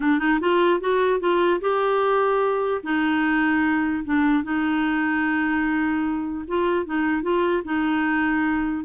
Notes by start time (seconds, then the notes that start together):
0.00 D4
0.19 D#4
0.40 F4
0.80 F#4
1.20 F4
1.60 G4
2.83 D#4
4.04 D4
4.43 D#4
6.47 F4
6.85 D#4
7.22 F4
7.64 D#4